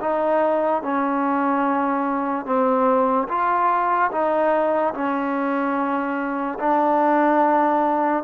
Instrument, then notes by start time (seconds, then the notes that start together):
trombone
0.00 D#4
0.82 C#4
2.45 C4
3.28 F4
4.11 D#4
4.94 C#4
6.59 D4